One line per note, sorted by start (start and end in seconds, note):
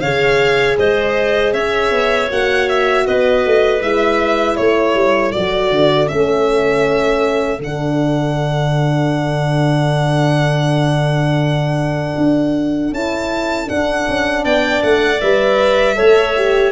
0.00 0.77 C#3
0.00 2.30 G#4
0.00 0.78 C#5
0.00 0.76 F5
0.78 1.53 G#3
0.78 1.53 C5
0.78 1.53 D#5
1.53 1.91 C#4
1.53 3.05 C#5
1.53 2.29 E5
1.91 2.29 B3
2.30 3.07 A#3
2.30 3.82 F#4
2.30 2.69 F#5
2.69 3.07 E5
3.07 3.46 B3
3.07 4.58 B4
3.07 3.82 D#5
3.46 3.82 A3
3.82 4.58 G#3
3.82 5.33 E4
3.82 4.56 E5
4.56 4.95 A3
4.56 14.43 A4
4.56 5.32 C#5
4.95 5.33 G3
5.32 5.71 F#3
5.32 6.08 F#4
5.32 6.08 D5
5.71 6.09 D3
6.08 7.59 A3
6.08 7.59 C#4
6.08 7.60 E5
7.59 12.15 D3
7.59 12.94 D4
7.59 12.94 F#5
12.17 12.92 D4
12.92 13.68 C#4
12.92 13.66 E4
12.92 13.69 A5
13.66 15.18 D4
13.66 14.08 D4
13.66 14.45 F#5
14.08 14.44 C#4
14.43 14.82 B3
14.43 15.95 D5
14.43 14.83 G5
14.83 15.21 A3
14.83 15.21 F#5
15.21 15.98 G3
15.21 15.96 B4
15.21 16.72 E5
15.96 16.72 A3
15.96 16.34 A4
15.96 16.72 C#5
16.37 16.72 G4